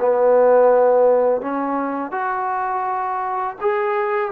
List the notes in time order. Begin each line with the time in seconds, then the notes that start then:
0.00 B3
1.42 C#4
2.12 F#4
3.61 G#4